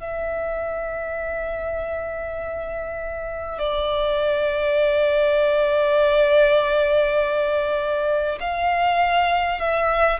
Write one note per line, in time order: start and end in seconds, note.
0.00 3.59 E5
3.59 8.39 D5
8.41 9.59 F5
9.59 10.19 E5